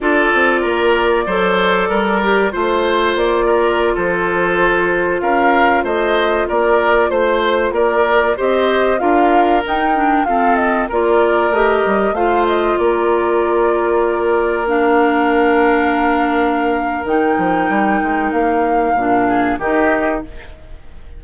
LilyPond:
<<
  \new Staff \with { instrumentName = "flute" } { \time 4/4 \tempo 4 = 95 d''1 | c''4 d''4~ d''16 c''4.~ c''16~ | c''16 f''4 dis''4 d''4 c''8.~ | c''16 d''4 dis''4 f''4 g''8.~ |
g''16 f''8 dis''8 d''4 dis''4 f''8 dis''16~ | dis''16 d''2. f''8.~ | f''2. g''4~ | g''4 f''2 dis''4 | }
  \new Staff \with { instrumentName = "oboe" } { \time 4/4 a'4 ais'4 c''4 ais'4 | c''4. ais'8. a'4.~ a'16~ | a'16 ais'4 c''4 ais'4 c''8.~ | c''16 ais'4 c''4 ais'4.~ ais'16~ |
ais'16 a'4 ais'2 c''8.~ | c''16 ais'2.~ ais'8.~ | ais'1~ | ais'2~ ais'8 gis'8 g'4 | }
  \new Staff \with { instrumentName = "clarinet" } { \time 4/4 f'2 a'4. g'8 | f'1~ | f'1~ | f'4~ f'16 g'4 f'4 dis'8 d'16~ |
d'16 c'4 f'4 g'4 f'8.~ | f'2.~ f'16 d'8.~ | d'2. dis'4~ | dis'2 d'4 dis'4 | }
  \new Staff \with { instrumentName = "bassoon" } { \time 4/4 d'8 c'8 ais4 fis4 g4 | a4 ais4~ ais16 f4.~ f16~ | f16 cis'4 a4 ais4 a8.~ | a16 ais4 c'4 d'4 dis'8.~ |
dis'16 f'4 ais4 a8 g8 a8.~ | a16 ais2.~ ais8.~ | ais2. dis8 f8 | g8 gis8 ais4 ais,4 dis4 | }
>>